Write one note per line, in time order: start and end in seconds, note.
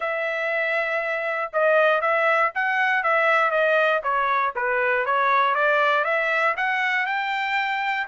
0.00 1.51 E5
1.52 2.01 D#5
2.01 2.51 E5
2.54 3.03 F#5
3.03 3.50 E5
3.50 4.01 D#5
4.03 4.53 C#5
4.55 5.05 B4
5.05 5.54 C#5
5.54 6.04 D5
6.04 6.55 E5
6.56 7.06 F#5
7.06 8.07 G5